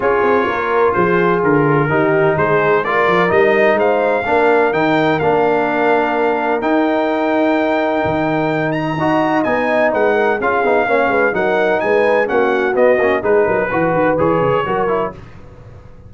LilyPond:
<<
  \new Staff \with { instrumentName = "trumpet" } { \time 4/4 \tempo 4 = 127 cis''2 c''4 ais'4~ | ais'4 c''4 d''4 dis''4 | f''2 g''4 f''4~ | f''2 g''2~ |
g''2~ g''8 ais''4. | gis''4 fis''4 f''2 | fis''4 gis''4 fis''4 dis''4 | b'2 cis''2 | }
  \new Staff \with { instrumentName = "horn" } { \time 4/4 gis'4 ais'4 gis'2 | g'4 gis'4 ais'2 | c''4 ais'2.~ | ais'1~ |
ais'2. dis''4~ | dis''4 b'8 ais'8 gis'4 cis''8 b'8 | ais'4 b'4 fis'2 | gis'8 ais'8 b'2 ais'4 | }
  \new Staff \with { instrumentName = "trombone" } { \time 4/4 f'1 | dis'2 f'4 dis'4~ | dis'4 d'4 dis'4 d'4~ | d'2 dis'2~ |
dis'2. fis'4 | dis'2 f'8 dis'8 cis'4 | dis'2 cis'4 b8 cis'8 | dis'4 fis'4 gis'4 fis'8 e'8 | }
  \new Staff \with { instrumentName = "tuba" } { \time 4/4 cis'8 c'8 ais4 f4 d4 | dis4 gis4. f8 g4 | gis4 ais4 dis4 ais4~ | ais2 dis'2~ |
dis'4 dis2 dis'4 | b4 gis4 cis'8 b8 ais8 gis8 | fis4 gis4 ais4 b8 ais8 | gis8 fis8 e8 dis8 e8 cis8 fis4 | }
>>